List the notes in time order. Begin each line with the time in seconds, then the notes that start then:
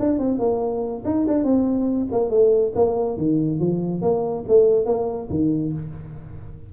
0.00 D4
0.19 C4
0.39 A#3
1.05 D#4
1.28 D4
1.44 C4
2.12 A#3
2.31 A3
2.75 A#3
3.18 D#3
3.60 F3
4.02 A#3
4.48 A3
4.86 A#3
5.30 D#3